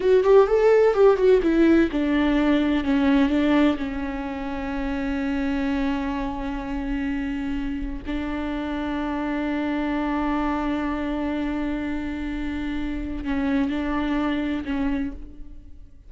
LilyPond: \new Staff \with { instrumentName = "viola" } { \time 4/4 \tempo 4 = 127 fis'8 g'8 a'4 g'8 fis'8 e'4 | d'2 cis'4 d'4 | cis'1~ | cis'1~ |
cis'4 d'2.~ | d'1~ | d'1 | cis'4 d'2 cis'4 | }